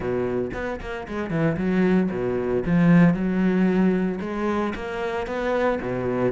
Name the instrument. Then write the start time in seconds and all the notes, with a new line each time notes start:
cello
0.00 B2
0.53 B3
0.81 A#3
1.07 G#3
1.30 E3
1.57 F#3
2.11 B2
2.65 F3
3.13 F#3
4.21 G#3
4.75 A#3
5.26 B3
5.81 B2